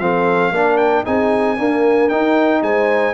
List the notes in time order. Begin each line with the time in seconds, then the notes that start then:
0.00 F3 C4 A4 F5
0.51 A#3 D4 A#4
0.78 G5
1.04 C4 D#4 G#4 G#5
1.56 A#3 D4 A#4
2.09 D#4 G5
2.62 G#3 C5 G#5